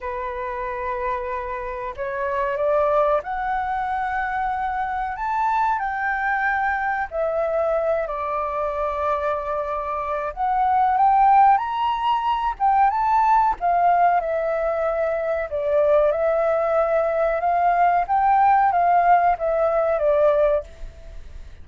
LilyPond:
\new Staff \with { instrumentName = "flute" } { \time 4/4 \tempo 4 = 93 b'2. cis''4 | d''4 fis''2. | a''4 g''2 e''4~ | e''8 d''2.~ d''8 |
fis''4 g''4 ais''4. g''8 | a''4 f''4 e''2 | d''4 e''2 f''4 | g''4 f''4 e''4 d''4 | }